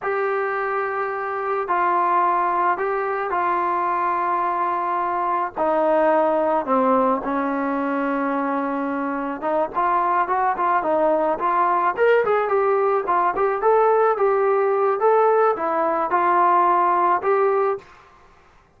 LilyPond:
\new Staff \with { instrumentName = "trombone" } { \time 4/4 \tempo 4 = 108 g'2. f'4~ | f'4 g'4 f'2~ | f'2 dis'2 | c'4 cis'2.~ |
cis'4 dis'8 f'4 fis'8 f'8 dis'8~ | dis'8 f'4 ais'8 gis'8 g'4 f'8 | g'8 a'4 g'4. a'4 | e'4 f'2 g'4 | }